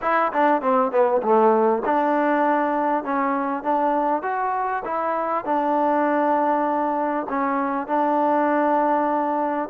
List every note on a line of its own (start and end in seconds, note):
0.01 0.31 E4
0.33 0.61 D4
0.61 0.91 C4
0.91 1.21 B3
1.22 1.83 A3
1.85 3.03 D4
3.03 3.63 C#4
3.63 4.22 D4
4.22 4.83 F#4
4.85 5.45 E4
5.45 7.26 D4
7.29 7.87 C#4
7.87 9.69 D4